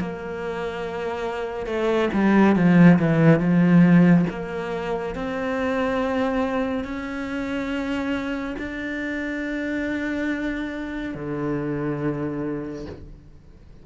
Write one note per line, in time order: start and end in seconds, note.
0.00 1.66 A#3
1.66 2.09 A3
2.14 2.56 G3
2.56 2.98 F3
2.99 3.39 E3
3.39 4.25 F3
4.29 5.15 A#3
5.15 6.84 C4
6.84 8.56 C#4
8.59 11.14 D4
11.14 12.86 D3